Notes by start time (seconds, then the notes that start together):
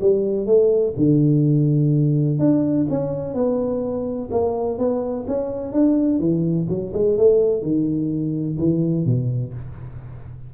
0.00 G3
0.46 A3
0.96 D3
2.39 D4
2.90 C#4
3.34 B3
4.31 A#3
4.78 B3
5.27 C#4
5.72 D4
6.19 E3
6.68 F#3
6.93 G#3
7.17 A3
7.62 D#3
8.58 E3
9.05 B2